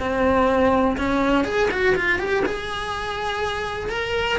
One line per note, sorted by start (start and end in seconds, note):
0.00 0.98 C4
0.98 1.45 C#4
1.45 1.70 G#4
1.71 1.96 F#4
1.96 2.20 F4
2.20 2.44 G4
2.46 3.90 G#4
3.90 4.39 A#4